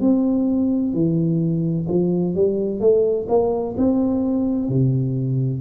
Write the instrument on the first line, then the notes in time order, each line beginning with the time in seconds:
tuba
0.00 C4
0.93 E3
1.89 F3
2.35 G3
2.80 A3
3.29 A#3
3.78 C4
4.68 C3